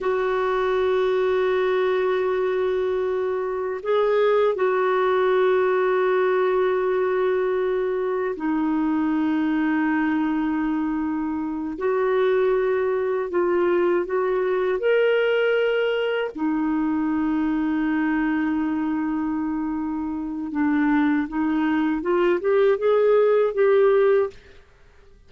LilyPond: \new Staff \with { instrumentName = "clarinet" } { \time 4/4 \tempo 4 = 79 fis'1~ | fis'4 gis'4 fis'2~ | fis'2. dis'4~ | dis'2.~ dis'8 fis'8~ |
fis'4. f'4 fis'4 ais'8~ | ais'4. dis'2~ dis'8~ | dis'2. d'4 | dis'4 f'8 g'8 gis'4 g'4 | }